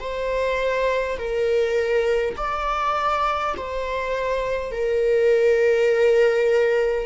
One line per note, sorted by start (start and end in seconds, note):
0.00 1.18 C5
1.18 2.36 A#4
2.37 3.55 D5
3.57 4.72 C5
4.72 7.06 A#4